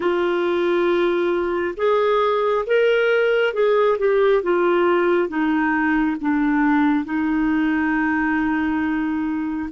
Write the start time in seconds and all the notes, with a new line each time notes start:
0.00 F4
1.76 G#4
2.66 A#4
3.53 G#4
3.98 G4
4.42 F4
5.28 D#4
6.20 D4
7.04 D#4